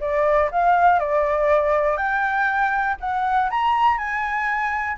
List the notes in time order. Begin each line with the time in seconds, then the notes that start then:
0.00 D5
0.51 F5
0.99 D5
1.97 G5
3.00 F#5
3.50 A#5
3.98 G#5